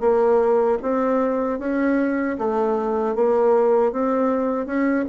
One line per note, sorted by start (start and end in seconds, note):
0.00 0.78 A#3
0.82 1.59 C4
1.59 2.37 C#4
2.38 3.15 A3
3.15 3.92 A#3
3.92 4.66 C4
4.66 5.05 C#4